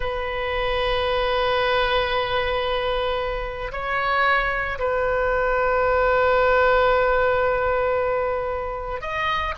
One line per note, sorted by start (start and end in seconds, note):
0.00 3.71 B4
3.72 4.78 C#5
4.78 9.01 B4
9.01 9.54 D#5